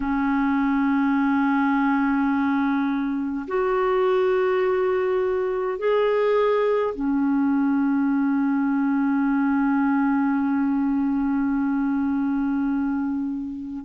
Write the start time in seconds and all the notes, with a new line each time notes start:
0.00 C#4
3.47 F#4
5.78 G#4
6.94 C#4